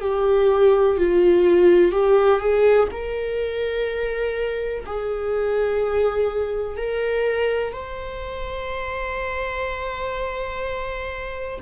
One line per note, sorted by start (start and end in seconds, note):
0.00 0.97 G4
0.97 1.91 F4
1.91 2.39 G4
2.39 2.88 G#4
2.91 4.84 A#4
4.86 6.77 G#4
6.77 7.72 A#4
7.72 11.60 C5